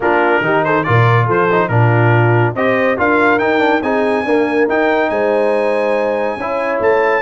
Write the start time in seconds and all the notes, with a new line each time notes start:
0.00 A#3 D4 F4 A#4
0.41 D#3 D#4 G4
0.64 A4 C5
0.83 A#2 F4 A#4 D5
1.26 F3 A4 C5
1.51 D#4
1.68 A#2 D4 F4 A#4
2.55 C4 G4 C5 D#5
2.97 D4 F4 A#4 F5
3.38 D#4 G5
3.58 D4
3.82 C4 D#4 G#4 G#5
4.24 A#3 D4 A#4
4.68 D#4 G5
5.09 G#3 C5 G#5
6.36 C#4 E4 C#5
6.80 A3 A5